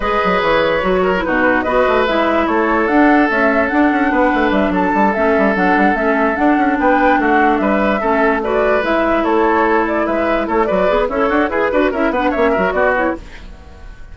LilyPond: <<
  \new Staff \with { instrumentName = "flute" } { \time 4/4 \tempo 4 = 146 dis''4 cis''2 b'4 | dis''4 e''4 cis''4 fis''4 | e''4 fis''2 e''8 a''8~ | a''8 e''4 fis''4 e''4 fis''8~ |
fis''8 g''4 fis''4 e''4.~ | e''8 d''4 e''4 cis''4. | d''8 e''4 cis''8 d''4 cis''4 | b'4 e''8 fis''8 e''4 d''8 cis''8 | }
  \new Staff \with { instrumentName = "oboe" } { \time 4/4 b'2~ b'8 ais'8 fis'4 | b'2 a'2~ | a'2 b'4. a'8~ | a'1~ |
a'8 b'4 fis'4 b'4 a'8~ | a'8 b'2 a'4.~ | a'8 b'4 a'8 b'4 e'8 fis'8 | gis'8 b'8 ais'8 b'8 cis''8 ais'8 fis'4 | }
  \new Staff \with { instrumentName = "clarinet" } { \time 4/4 gis'2 fis'8. e'16 dis'4 | fis'4 e'2 d'4 | a4 d'2.~ | d'8 cis'4 d'4 cis'4 d'8~ |
d'2.~ d'8 cis'8~ | cis'8 fis'4 e'2~ e'8~ | e'2 fis'8 gis'8 a'4 | gis'8 fis'8 e'8 d'8 cis'8 fis'4 e'8 | }
  \new Staff \with { instrumentName = "bassoon" } { \time 4/4 gis8 fis8 e4 fis4 b,4 | b8 a8 gis4 a4 d'4 | cis'4 d'8 cis'8 b8 a8 g8 fis8 | g8 a8 g8 fis8 g8 a4 d'8 |
cis'8 b4 a4 g4 a8~ | a4. gis4 a4.~ | a8 gis4 a8 fis8 b8 cis'8 d'8 | e'8 d'8 cis'8 b8 ais8 fis8 b4 | }
>>